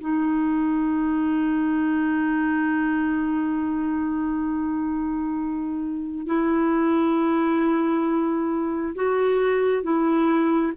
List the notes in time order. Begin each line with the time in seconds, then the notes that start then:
0.00 D#4
6.26 E4
8.95 F#4
9.83 E4